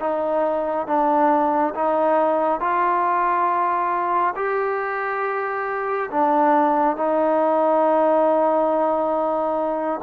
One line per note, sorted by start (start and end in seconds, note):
0.00 0.87 D#4
0.87 1.74 D4
1.75 2.60 D#4
2.60 4.34 F4
4.36 6.10 G4
6.11 6.97 D4
6.97 10.01 D#4